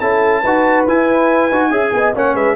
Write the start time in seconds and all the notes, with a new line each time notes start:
0.00 C#4 E4 A4 A5
0.42 D#4 F#4 B4
0.87 E4 G#5
1.51 D#4 F#4
1.70 C#4 G#4 E5
1.93 B3 D#5
2.16 A#3 C#4 C#5 F#5
2.35 G#3 B4 E5